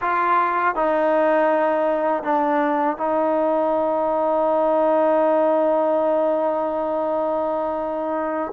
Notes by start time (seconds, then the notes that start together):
0.01 F4
0.75 D#4
2.23 D4
2.97 D#4